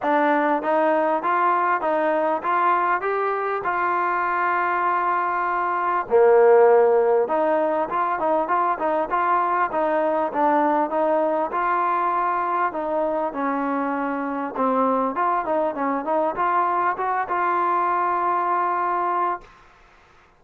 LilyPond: \new Staff \with { instrumentName = "trombone" } { \time 4/4 \tempo 4 = 99 d'4 dis'4 f'4 dis'4 | f'4 g'4 f'2~ | f'2 ais2 | dis'4 f'8 dis'8 f'8 dis'8 f'4 |
dis'4 d'4 dis'4 f'4~ | f'4 dis'4 cis'2 | c'4 f'8 dis'8 cis'8 dis'8 f'4 | fis'8 f'2.~ f'8 | }